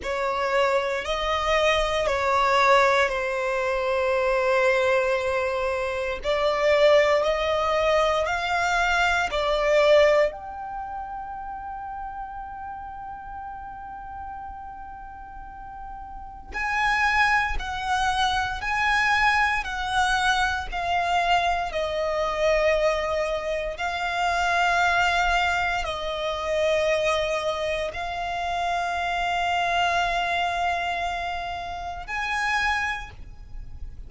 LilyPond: \new Staff \with { instrumentName = "violin" } { \time 4/4 \tempo 4 = 58 cis''4 dis''4 cis''4 c''4~ | c''2 d''4 dis''4 | f''4 d''4 g''2~ | g''1 |
gis''4 fis''4 gis''4 fis''4 | f''4 dis''2 f''4~ | f''4 dis''2 f''4~ | f''2. gis''4 | }